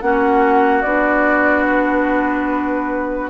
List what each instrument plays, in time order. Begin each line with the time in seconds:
0.00 bassoon A#3, clarinet C#4, oboe F#4, flute F#5
0.82 bassoon B3, clarinet D4, flute D5
1.68 flute B4